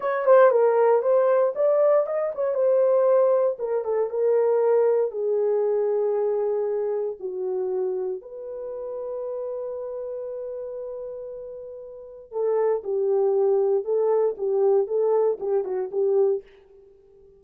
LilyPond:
\new Staff \with { instrumentName = "horn" } { \time 4/4 \tempo 4 = 117 cis''8 c''8 ais'4 c''4 d''4 | dis''8 cis''8 c''2 ais'8 a'8 | ais'2 gis'2~ | gis'2 fis'2 |
b'1~ | b'1 | a'4 g'2 a'4 | g'4 a'4 g'8 fis'8 g'4 | }